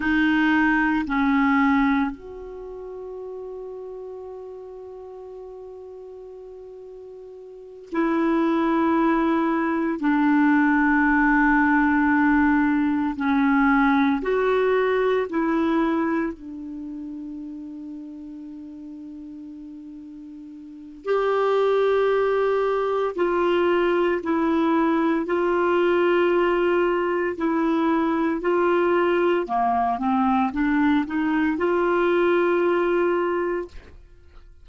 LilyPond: \new Staff \with { instrumentName = "clarinet" } { \time 4/4 \tempo 4 = 57 dis'4 cis'4 fis'2~ | fis'2.~ fis'8 e'8~ | e'4. d'2~ d'8~ | d'8 cis'4 fis'4 e'4 d'8~ |
d'1 | g'2 f'4 e'4 | f'2 e'4 f'4 | ais8 c'8 d'8 dis'8 f'2 | }